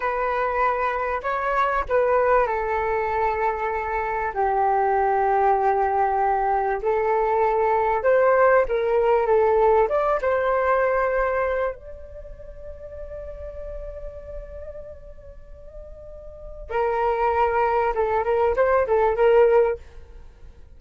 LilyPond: \new Staff \with { instrumentName = "flute" } { \time 4/4 \tempo 4 = 97 b'2 cis''4 b'4 | a'2. g'4~ | g'2. a'4~ | a'4 c''4 ais'4 a'4 |
d''8 c''2~ c''8 d''4~ | d''1~ | d''2. ais'4~ | ais'4 a'8 ais'8 c''8 a'8 ais'4 | }